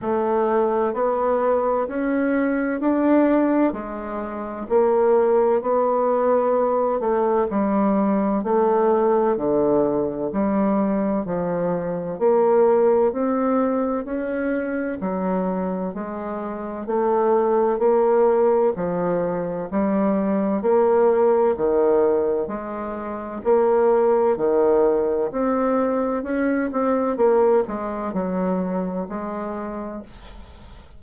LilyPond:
\new Staff \with { instrumentName = "bassoon" } { \time 4/4 \tempo 4 = 64 a4 b4 cis'4 d'4 | gis4 ais4 b4. a8 | g4 a4 d4 g4 | f4 ais4 c'4 cis'4 |
fis4 gis4 a4 ais4 | f4 g4 ais4 dis4 | gis4 ais4 dis4 c'4 | cis'8 c'8 ais8 gis8 fis4 gis4 | }